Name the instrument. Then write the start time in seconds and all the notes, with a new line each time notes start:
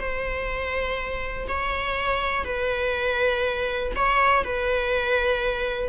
viola
0.00 C5
1.48 C#5
2.45 B4
3.95 C#5
4.44 B4